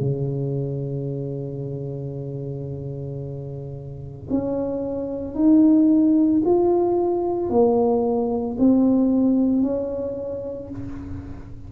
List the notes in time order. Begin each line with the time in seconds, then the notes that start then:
0.00 C#3
4.30 C#4
5.35 D#4
6.45 F4
7.50 A#3
8.59 C4
9.62 C#4